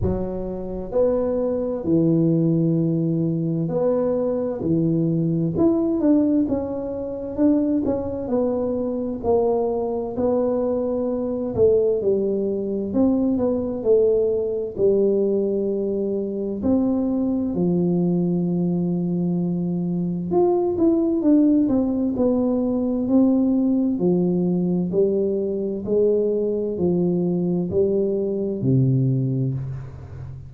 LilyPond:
\new Staff \with { instrumentName = "tuba" } { \time 4/4 \tempo 4 = 65 fis4 b4 e2 | b4 e4 e'8 d'8 cis'4 | d'8 cis'8 b4 ais4 b4~ | b8 a8 g4 c'8 b8 a4 |
g2 c'4 f4~ | f2 f'8 e'8 d'8 c'8 | b4 c'4 f4 g4 | gis4 f4 g4 c4 | }